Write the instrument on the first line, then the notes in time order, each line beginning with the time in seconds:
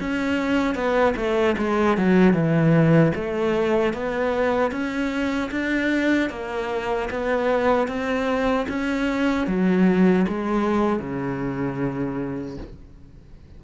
cello
0.00 C#4
0.75 B3
1.16 A3
1.58 G#3
1.98 F#3
2.33 E3
3.15 A3
3.93 B3
4.72 C#4
5.51 D4
6.30 A#3
7.10 B3
7.88 C4
8.68 C#4
9.47 F#3
10.28 G#3
11.00 C#3